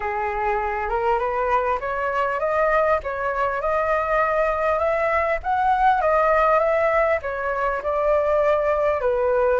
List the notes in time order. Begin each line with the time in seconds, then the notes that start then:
0.00 G#4
0.89 A#4
1.18 B4
1.79 C#5
2.39 D#5
3.03 C#5
3.61 D#5
4.78 E5
5.43 F#5
6.01 D#5
6.59 E5
7.22 C#5
7.82 D5
9.01 B4